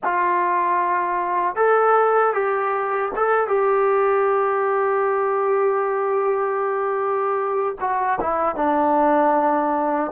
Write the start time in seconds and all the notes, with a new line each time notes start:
0.03 F4
1.55 A4
2.33 G4
3.16 A4
3.47 G4
7.80 F#4
8.20 E4
8.55 D4